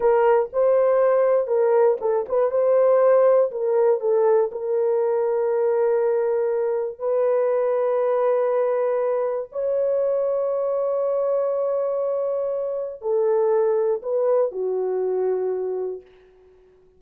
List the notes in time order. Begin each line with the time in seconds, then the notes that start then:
0.00 A#4
0.52 C5
1.47 A#4
2.00 A4
2.28 B4
2.50 C5
3.51 A#4
4.00 A4
4.51 A#4
6.99 B4
9.51 C#5
13.01 A4
14.02 B4
14.51 F#4